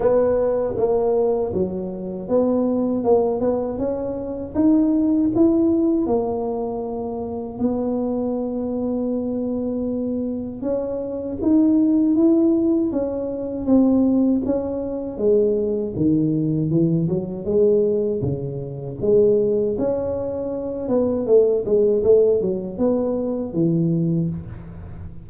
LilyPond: \new Staff \with { instrumentName = "tuba" } { \time 4/4 \tempo 4 = 79 b4 ais4 fis4 b4 | ais8 b8 cis'4 dis'4 e'4 | ais2 b2~ | b2 cis'4 dis'4 |
e'4 cis'4 c'4 cis'4 | gis4 dis4 e8 fis8 gis4 | cis4 gis4 cis'4. b8 | a8 gis8 a8 fis8 b4 e4 | }